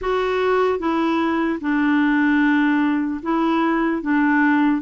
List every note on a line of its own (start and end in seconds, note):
0.01 0.79 F#4
0.79 1.59 E4
1.60 3.20 D4
3.22 4.01 E4
4.01 4.81 D4